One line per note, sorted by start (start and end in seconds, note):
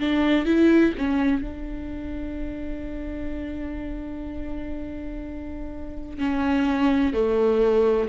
0.00 0.46 D4
0.46 0.94 E4
0.98 1.42 C#4
1.42 6.19 D4
6.19 7.14 C#4
7.14 8.09 A3